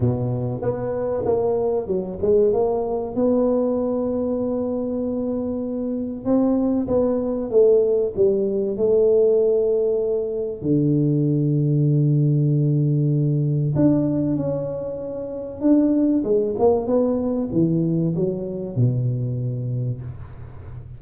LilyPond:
\new Staff \with { instrumentName = "tuba" } { \time 4/4 \tempo 4 = 96 b,4 b4 ais4 fis8 gis8 | ais4 b2.~ | b2 c'4 b4 | a4 g4 a2~ |
a4 d2.~ | d2 d'4 cis'4~ | cis'4 d'4 gis8 ais8 b4 | e4 fis4 b,2 | }